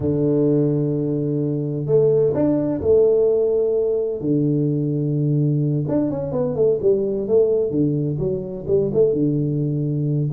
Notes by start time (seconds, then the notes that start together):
0.00 D3
1.85 A3
2.34 D4
2.81 A3
4.20 D3
5.87 D4
6.10 C#4
6.32 B3
6.55 A3
6.81 G3
7.27 A3
7.70 D3
8.18 F#3
8.67 G3
8.93 A3
9.13 D3